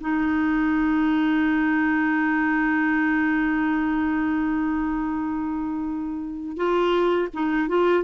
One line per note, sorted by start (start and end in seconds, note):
0.00 6.56 D#4
6.56 7.28 F4
7.33 7.68 D#4
7.68 8.04 F4